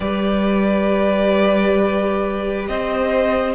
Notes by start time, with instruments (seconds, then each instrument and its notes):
0.00 cello G3, viola G4, violin B4 D5
2.68 cello C4, violin C5 D#5